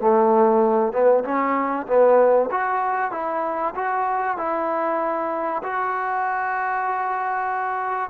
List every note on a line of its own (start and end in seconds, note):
0.00 0.92 A3
0.92 1.24 B3
1.24 1.87 C#4
1.87 2.49 B3
2.51 3.11 F#4
3.11 3.74 E4
3.75 4.37 F#4
4.37 5.62 E4
5.63 8.10 F#4